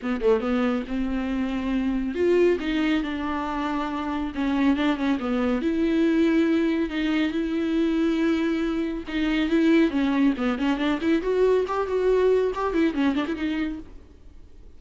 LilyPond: \new Staff \with { instrumentName = "viola" } { \time 4/4 \tempo 4 = 139 b8 a8 b4 c'2~ | c'4 f'4 dis'4 d'4~ | d'2 cis'4 d'8 cis'8 | b4 e'2. |
dis'4 e'2.~ | e'4 dis'4 e'4 cis'4 | b8 cis'8 d'8 e'8 fis'4 g'8 fis'8~ | fis'4 g'8 e'8 cis'8 d'16 e'16 dis'4 | }